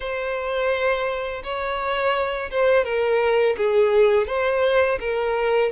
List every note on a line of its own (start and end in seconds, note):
0.00 1.43 C5
1.43 2.50 C#5
2.50 2.84 C5
2.84 3.56 A#4
3.57 4.27 G#4
4.27 4.98 C5
5.00 5.71 A#4